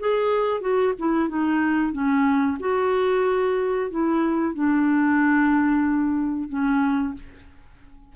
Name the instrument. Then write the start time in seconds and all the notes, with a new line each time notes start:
clarinet
0.00 G#4
0.61 F#4
0.99 E4
1.29 D#4
1.93 C#4
2.60 F#4
3.90 E4
4.55 D4
6.49 C#4